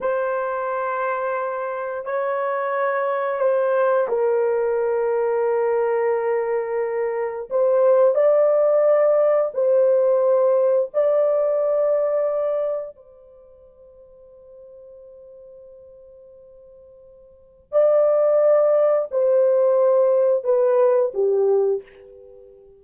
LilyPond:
\new Staff \with { instrumentName = "horn" } { \time 4/4 \tempo 4 = 88 c''2. cis''4~ | cis''4 c''4 ais'2~ | ais'2. c''4 | d''2 c''2 |
d''2. c''4~ | c''1~ | c''2 d''2 | c''2 b'4 g'4 | }